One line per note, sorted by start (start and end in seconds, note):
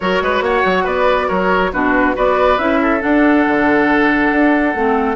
0.00 0.21 F#3
0.00 1.73 F#4
0.00 0.22 A#4
0.00 0.43 C#5
0.21 0.41 G#3
0.21 0.43 B4
0.41 0.62 A#3
0.41 0.83 C#5
0.41 0.86 F#5
0.65 0.86 F#3
0.83 1.29 B3
0.83 1.27 B4
0.83 1.29 D5
1.27 1.72 F#3
1.27 1.71 A#4
1.27 1.72 C#5
1.72 2.15 B2
1.72 2.14 D4
1.72 2.15 F#4
1.72 2.15 B4
2.14 2.58 B3
2.14 2.57 F#4
2.14 2.80 B4
2.14 2.58 D5
2.58 3.01 C#4
2.58 3.00 E4
2.58 3.01 E5
2.81 5.15 A4
3.00 4.72 D4
3.00 3.46 D4
3.00 5.15 F#5
3.47 4.31 D3
4.31 4.74 D4
4.75 5.15 A3
4.75 5.15 C4